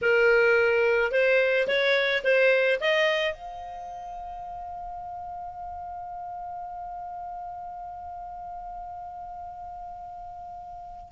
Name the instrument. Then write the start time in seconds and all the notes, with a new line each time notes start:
clarinet
0.01 A#4
1.11 C5
1.67 C#5
2.23 C5
2.80 D#5
3.33 F5